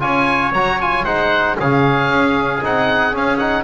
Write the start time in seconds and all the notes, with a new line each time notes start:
0.00 C#4 F4 C#5 G#5
0.52 F#3 F#4 A#5
0.81 F4 G#5
1.04 G#3 D#4 C5 F#5
1.58 C#3 C#4 G#4 F5
2.09 C#4
2.62 C4 D#4 F#5
3.12 C#4 F5
3.38 D#4 F#5